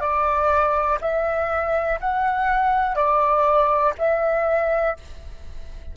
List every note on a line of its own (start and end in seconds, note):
0.00 0.98 D5
1.01 1.99 E5
2.00 2.96 F#5
2.96 3.94 D5
3.98 4.97 E5